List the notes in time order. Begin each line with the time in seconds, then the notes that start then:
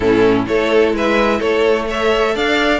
0.00 A2 C#4 E4 A4
0.46 A3 E4 A4 C#5
0.93 G#3 B4 E5
1.38 A3 A4 C#5
1.87 A4 C#5 E5
2.34 D4 D5 F5